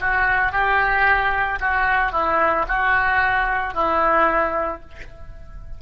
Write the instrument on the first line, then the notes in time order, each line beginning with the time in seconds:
oboe
0.00 F#4
0.52 G4
1.60 F#4
2.12 E4
2.68 F#4
3.74 E4